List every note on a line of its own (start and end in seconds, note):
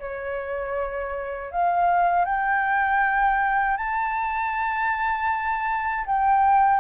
0.00 1.52 C#5
1.52 2.25 F5
2.25 3.77 G5
3.78 6.06 A5
6.06 6.80 G5